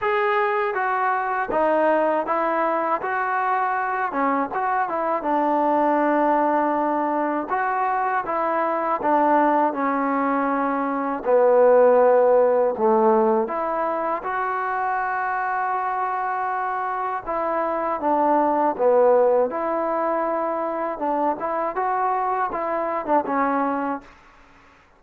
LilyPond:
\new Staff \with { instrumentName = "trombone" } { \time 4/4 \tempo 4 = 80 gis'4 fis'4 dis'4 e'4 | fis'4. cis'8 fis'8 e'8 d'4~ | d'2 fis'4 e'4 | d'4 cis'2 b4~ |
b4 a4 e'4 fis'4~ | fis'2. e'4 | d'4 b4 e'2 | d'8 e'8 fis'4 e'8. d'16 cis'4 | }